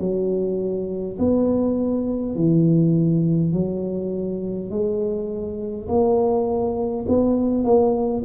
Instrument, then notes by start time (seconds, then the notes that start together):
tuba
0.00 F#3
1.19 B3
2.35 E3
3.53 F#3
4.70 G#3
5.88 A#3
7.08 B3
7.64 A#3